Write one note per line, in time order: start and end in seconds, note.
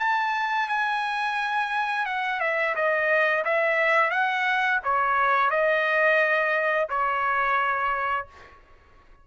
0.00 0.69 A5
0.69 2.06 G#5
2.06 2.41 F#5
2.41 2.75 E5
2.76 3.45 D#5
3.45 4.11 E5
4.11 4.80 F#5
4.84 5.50 C#5
5.50 6.88 D#5
6.90 8.28 C#5